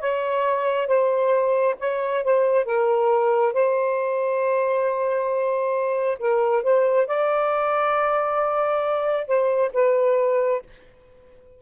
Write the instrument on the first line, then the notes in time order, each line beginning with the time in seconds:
saxophone
0.00 C#5
0.87 C5
1.79 C#5
2.23 C5
2.65 A#4
3.53 C5
6.19 A#4
6.63 C5
7.07 D5
9.27 C5
9.73 B4